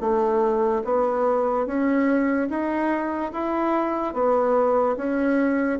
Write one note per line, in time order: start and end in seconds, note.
0.00 0.82 A3
0.84 1.66 B3
1.66 2.48 C#4
2.49 3.31 D#4
3.33 4.14 E4
4.14 4.96 B3
4.97 5.79 C#4